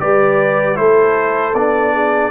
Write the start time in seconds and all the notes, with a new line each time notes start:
0.00 G3 G4 B4 D5
0.75 A3 E4 A4 C5
1.55 B3 D4 D5
1.94 G#4